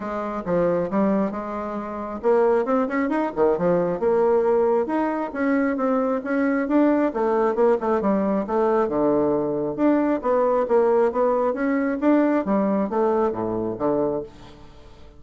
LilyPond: \new Staff \with { instrumentName = "bassoon" } { \time 4/4 \tempo 4 = 135 gis4 f4 g4 gis4~ | gis4 ais4 c'8 cis'8 dis'8 dis8 | f4 ais2 dis'4 | cis'4 c'4 cis'4 d'4 |
a4 ais8 a8 g4 a4 | d2 d'4 b4 | ais4 b4 cis'4 d'4 | g4 a4 a,4 d4 | }